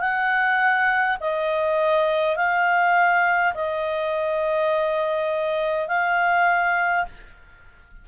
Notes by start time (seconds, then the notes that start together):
0.00 F#5
1.20 D#5
2.36 F5
3.55 D#5
5.88 F5